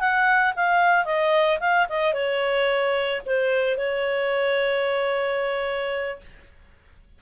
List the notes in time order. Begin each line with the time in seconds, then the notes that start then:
0.00 F#5
0.56 F5
1.05 D#5
1.60 F5
1.89 D#5
2.14 C#5
3.26 C5
3.78 C#5